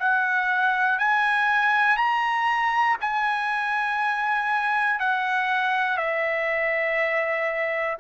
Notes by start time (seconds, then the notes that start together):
0.00 F#5
0.99 G#5
1.97 A#5
3.01 G#5
5.00 F#5
5.98 E5